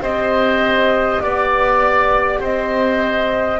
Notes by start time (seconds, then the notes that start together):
0.00 C4 G4 C5 D#5
1.21 B3 D5
2.40 C4 C5 D#5